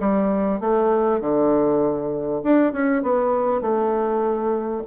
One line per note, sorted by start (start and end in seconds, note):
0.00 0.60 G3
0.60 1.21 A3
1.21 2.42 D3
2.44 2.72 D4
2.72 3.02 C#4
3.02 3.61 B3
3.61 4.82 A3